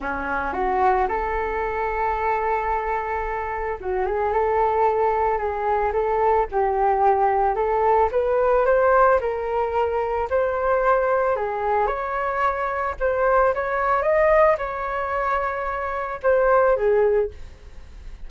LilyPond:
\new Staff \with { instrumentName = "flute" } { \time 4/4 \tempo 4 = 111 cis'4 fis'4 a'2~ | a'2. fis'8 gis'8 | a'2 gis'4 a'4 | g'2 a'4 b'4 |
c''4 ais'2 c''4~ | c''4 gis'4 cis''2 | c''4 cis''4 dis''4 cis''4~ | cis''2 c''4 gis'4 | }